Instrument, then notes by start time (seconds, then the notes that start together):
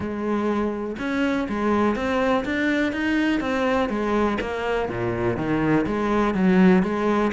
cello
0.00 G#3
0.98 C#4
1.48 G#3
1.95 C4
2.44 D4
2.92 D#4
3.40 C4
3.89 G#3
4.40 A#3
4.88 A#2
5.36 D#3
5.86 G#3
6.34 F#3
6.82 G#3